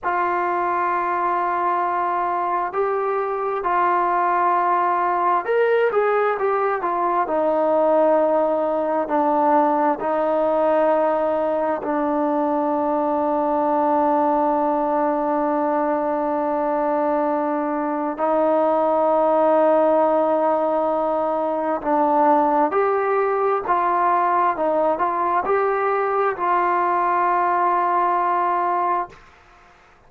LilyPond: \new Staff \with { instrumentName = "trombone" } { \time 4/4 \tempo 4 = 66 f'2. g'4 | f'2 ais'8 gis'8 g'8 f'8 | dis'2 d'4 dis'4~ | dis'4 d'2.~ |
d'1 | dis'1 | d'4 g'4 f'4 dis'8 f'8 | g'4 f'2. | }